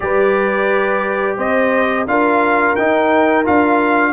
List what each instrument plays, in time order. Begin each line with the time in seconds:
0.00 tuba G3, trombone G4, horn B4, trumpet D5
1.37 tuba C4, horn C5, trumpet D#5
2.06 tuba D4, trombone F4, horn A#4, trumpet F5
2.75 tuba D#4, trombone D#4, trumpet G5
3.44 tuba D4, trombone F4, trumpet F5